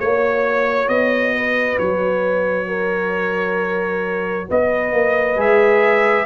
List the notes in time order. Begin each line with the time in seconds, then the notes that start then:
0.00 A#3 F#4 C#5
0.89 B3 D#5
1.37 B4
1.79 F#3 C#5
2.68 A#4
4.50 B3 B4 D#5
4.93 A#3
5.36 G#3 G#4 E5